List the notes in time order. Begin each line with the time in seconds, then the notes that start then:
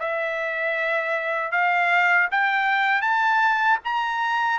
0.00 E5
1.52 F5
2.32 G5
3.02 A5
3.85 A#5